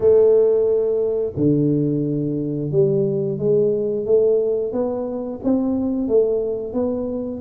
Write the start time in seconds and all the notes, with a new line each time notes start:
0.00 A3
1.36 D3
2.71 G3
3.38 G#3
4.05 A3
4.72 B3
5.43 C4
6.07 A3
6.73 B3